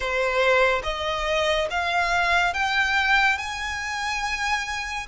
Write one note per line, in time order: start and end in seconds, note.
0.00 0.81 C5
0.83 1.67 D#5
1.70 2.54 F5
2.54 3.38 G5
3.38 5.07 G#5